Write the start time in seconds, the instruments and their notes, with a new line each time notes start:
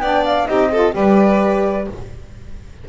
0.00 double bass B3, saxophone D4, violin D5, flute G5
0.25 flute F5
0.48 double bass C4, saxophone D#4, violin G4, flute D#5
0.72 saxophone F4, violin A4
0.92 double bass G3, saxophone G4, violin B4, flute D5